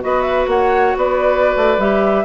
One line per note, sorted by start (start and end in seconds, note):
0.00 0.47 B3
0.00 1.77 F#4
0.00 0.50 B4
0.00 0.21 D#5
0.21 0.45 E5
0.47 0.94 A#3
0.47 0.97 C#5
0.47 0.96 F#5
0.96 1.55 B3
0.96 2.25 B4
0.96 1.80 D5
1.56 1.77 A3
1.77 2.24 G3
1.77 2.25 G4
1.77 2.25 E5